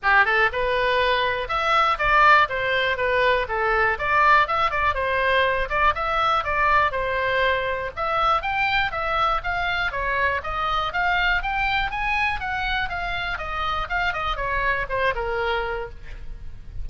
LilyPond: \new Staff \with { instrumentName = "oboe" } { \time 4/4 \tempo 4 = 121 g'8 a'8 b'2 e''4 | d''4 c''4 b'4 a'4 | d''4 e''8 d''8 c''4. d''8 | e''4 d''4 c''2 |
e''4 g''4 e''4 f''4 | cis''4 dis''4 f''4 g''4 | gis''4 fis''4 f''4 dis''4 | f''8 dis''8 cis''4 c''8 ais'4. | }